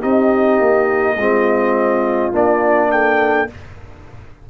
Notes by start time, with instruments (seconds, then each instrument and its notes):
0.00 tuba C4, trombone D#4, horn G4, trumpet D#5
0.60 tuba A#3
1.17 tuba G#3, trombone C4, horn F4
2.33 tuba A#3, trombone D4, trumpet D5
2.91 horn A4, trumpet G5